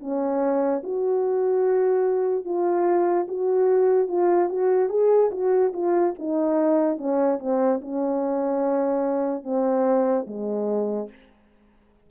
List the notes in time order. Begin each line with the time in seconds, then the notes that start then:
0.00 C#4
0.84 F#4
2.45 F4
3.28 F#4
4.08 F4
4.49 F#4
4.90 G#4
5.32 F#4
5.73 F4
6.19 D#4
6.98 C#4
7.40 C4
7.82 C#4
9.44 C4
10.27 G#3